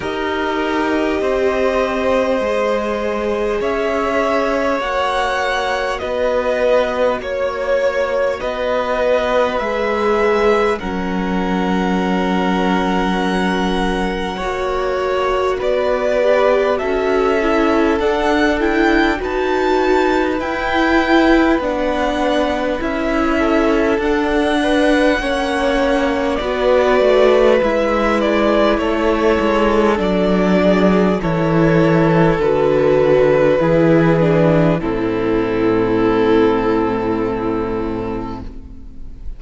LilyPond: <<
  \new Staff \with { instrumentName = "violin" } { \time 4/4 \tempo 4 = 50 dis''2. e''4 | fis''4 dis''4 cis''4 dis''4 | e''4 fis''2.~ | fis''4 d''4 e''4 fis''8 g''8 |
a''4 g''4 fis''4 e''4 | fis''2 d''4 e''8 d''8 | cis''4 d''4 cis''4 b'4~ | b'4 a'2. | }
  \new Staff \with { instrumentName = "violin" } { \time 4/4 ais'4 c''2 cis''4~ | cis''4 b'4 cis''4 b'4~ | b'4 ais'2. | cis''4 b'4 a'2 |
b'2.~ b'8 a'8~ | a'8 b'8 cis''4 b'2 | a'4. gis'8 a'2 | gis'4 e'2. | }
  \new Staff \with { instrumentName = "viola" } { \time 4/4 g'2 gis'2 | fis'1 | gis'4 cis'2. | fis'4. g'8 fis'8 e'8 d'8 e'8 |
fis'4 e'4 d'4 e'4 | d'4 cis'4 fis'4 e'4~ | e'4 d'4 e'4 fis'4 | e'8 d'8 c'2. | }
  \new Staff \with { instrumentName = "cello" } { \time 4/4 dis'4 c'4 gis4 cis'4 | ais4 b4 ais4 b4 | gis4 fis2. | ais4 b4 cis'4 d'4 |
dis'4 e'4 b4 cis'4 | d'4 ais4 b8 a8 gis4 | a8 gis8 fis4 e4 d4 | e4 a,2. | }
>>